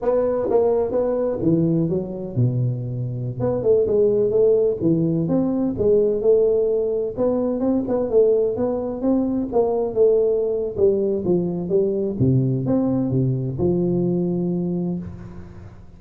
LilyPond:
\new Staff \with { instrumentName = "tuba" } { \time 4/4 \tempo 4 = 128 b4 ais4 b4 e4 | fis4 b,2~ b,16 b8 a16~ | a16 gis4 a4 e4 c'8.~ | c'16 gis4 a2 b8.~ |
b16 c'8 b8 a4 b4 c'8.~ | c'16 ais4 a4.~ a16 g4 | f4 g4 c4 c'4 | c4 f2. | }